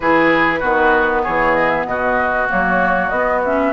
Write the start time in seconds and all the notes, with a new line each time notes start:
0.00 E3 E4 G#4 B4
0.59 D#3 B3 F#4
1.23 E3 G#4 C#5
1.55 D#5
1.69 E5
1.85 B2 F#4 D#5
2.49 F#3 A#3 C#5
3.09 B3 D#5
3.15 B3
3.44 C#4 E5